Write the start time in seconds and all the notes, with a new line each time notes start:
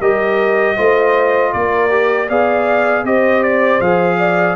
0.00 G3 G4 A#4 D#5
0.77 A3 F4 C5
1.53 A#3 A#4 D5
1.90 G4
2.28 B3 G#4 D5 F5
3.04 C4 G4 C5 D#5
3.43 D5
3.80 F3 G#4 F5
4.19 D5